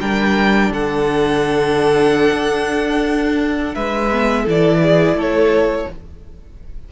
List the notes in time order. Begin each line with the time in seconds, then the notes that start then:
0.00 G3 D4 A#4 G5
0.70 D3 A4 F#5
2.32 D4
3.74 G#3 B4 E5
4.12 B3
4.43 E3 E4 A4
4.50 D5
4.82 G#4
5.14 A3 A4
5.20 C#5